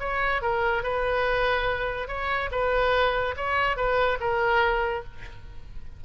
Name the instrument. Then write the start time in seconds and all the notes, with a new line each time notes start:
oboe
0.00 C#5
0.42 A#4
0.84 B4
2.08 C#5
2.52 B4
3.37 C#5
3.77 B4
4.21 A#4